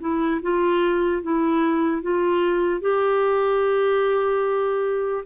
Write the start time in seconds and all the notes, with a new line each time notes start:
0.00 E4
0.42 F4
1.22 E4
2.02 F4
2.81 G4